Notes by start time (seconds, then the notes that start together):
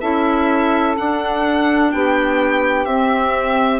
0.00 C#4 E4 A4 E5
0.96 D4 F#5
1.91 B3 G4 G5
2.85 C4 E5